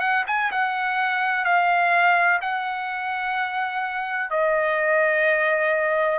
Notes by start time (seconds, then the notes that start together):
0.00 F#5
0.27 G#5
0.51 F#5
1.44 F5
2.41 F#5
4.30 D#5